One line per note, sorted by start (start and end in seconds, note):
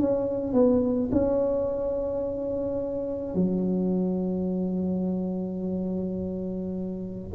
0.00 0.54 C#4
0.54 1.10 B3
1.12 3.34 C#4
3.34 7.31 F#3